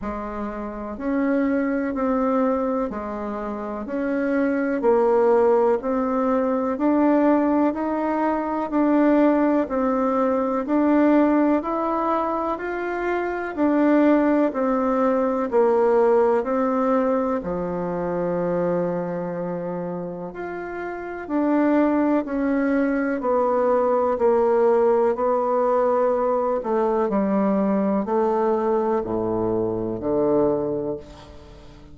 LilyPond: \new Staff \with { instrumentName = "bassoon" } { \time 4/4 \tempo 4 = 62 gis4 cis'4 c'4 gis4 | cis'4 ais4 c'4 d'4 | dis'4 d'4 c'4 d'4 | e'4 f'4 d'4 c'4 |
ais4 c'4 f2~ | f4 f'4 d'4 cis'4 | b4 ais4 b4. a8 | g4 a4 a,4 d4 | }